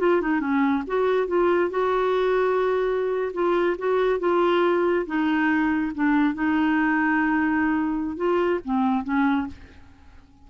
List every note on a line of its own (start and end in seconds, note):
0.00 0.21 F4
0.21 0.40 D#4
0.40 0.84 C#4
0.87 1.28 F#4
1.28 1.71 F4
1.71 3.32 F#4
3.34 3.77 F4
3.78 4.20 F#4
4.20 5.06 F4
5.06 5.93 D#4
5.95 6.34 D4
6.34 8.17 D#4
8.17 8.60 F4
8.65 9.04 C4
9.04 9.47 C#4